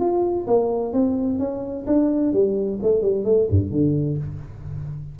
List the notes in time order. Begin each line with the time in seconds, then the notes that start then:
0.00 F4
0.47 A#3
0.93 C4
1.39 C#4
1.87 D4
2.33 G3
2.83 A3
3.02 G3
3.25 A3
3.50 G2
3.71 D3